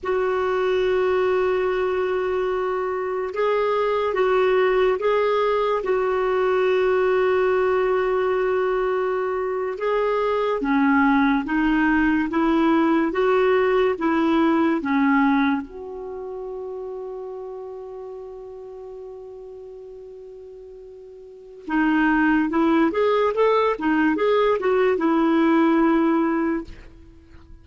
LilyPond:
\new Staff \with { instrumentName = "clarinet" } { \time 4/4 \tempo 4 = 72 fis'1 | gis'4 fis'4 gis'4 fis'4~ | fis'2.~ fis'8. gis'16~ | gis'8. cis'4 dis'4 e'4 fis'16~ |
fis'8. e'4 cis'4 fis'4~ fis'16~ | fis'1~ | fis'2 dis'4 e'8 gis'8 | a'8 dis'8 gis'8 fis'8 e'2 | }